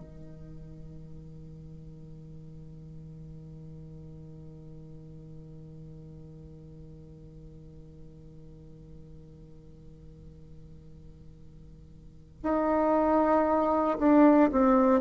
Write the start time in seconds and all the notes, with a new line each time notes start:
0.00 D#3
12.43 D#4
13.98 D4
14.52 C4